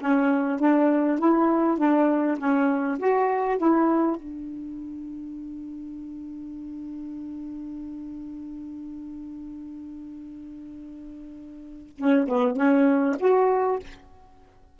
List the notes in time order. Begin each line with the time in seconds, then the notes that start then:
0.00 C#4
0.59 D4
1.19 E4
1.78 D4
2.38 C#4
2.99 F#4
3.58 E4
4.16 D4
11.97 C#4
12.28 B3
12.56 C#4
13.19 F#4